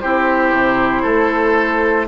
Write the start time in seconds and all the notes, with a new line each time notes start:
0.00 C4 E4 G4 C5
0.53 C3
1.02 A3 A4